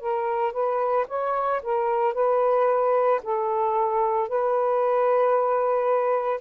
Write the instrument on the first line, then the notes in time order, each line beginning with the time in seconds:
saxophone
0.00 A#4
0.52 B4
1.07 C#5
1.62 A#4
2.13 B4
3.22 A4
4.29 B4